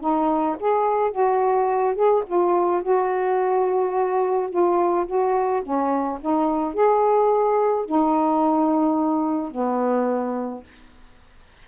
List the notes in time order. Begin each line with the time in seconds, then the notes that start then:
0.00 D#4
0.59 G#4
1.11 F#4
1.95 G#4
2.26 F4
2.82 F#4
4.50 F4
5.06 F#4
5.62 C#4
6.20 D#4
6.74 G#4
7.85 D#4
9.51 B3